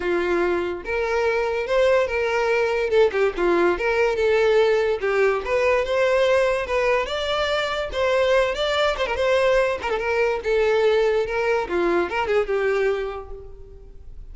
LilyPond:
\new Staff \with { instrumentName = "violin" } { \time 4/4 \tempo 4 = 144 f'2 ais'2 | c''4 ais'2 a'8 g'8 | f'4 ais'4 a'2 | g'4 b'4 c''2 |
b'4 d''2 c''4~ | c''8 d''4 c''16 ais'16 c''4. ais'16 a'16 | ais'4 a'2 ais'4 | f'4 ais'8 gis'8 g'2 | }